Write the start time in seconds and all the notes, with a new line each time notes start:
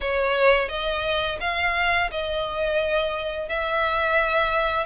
0.00 C#5
0.68 D#5
1.40 F5
2.11 D#5
3.49 E5